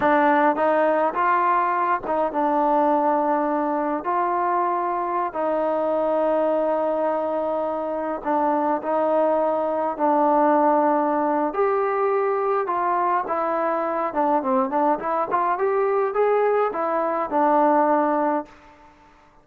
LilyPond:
\new Staff \with { instrumentName = "trombone" } { \time 4/4 \tempo 4 = 104 d'4 dis'4 f'4. dis'8 | d'2. f'4~ | f'4~ f'16 dis'2~ dis'8.~ | dis'2~ dis'16 d'4 dis'8.~ |
dis'4~ dis'16 d'2~ d'8. | g'2 f'4 e'4~ | e'8 d'8 c'8 d'8 e'8 f'8 g'4 | gis'4 e'4 d'2 | }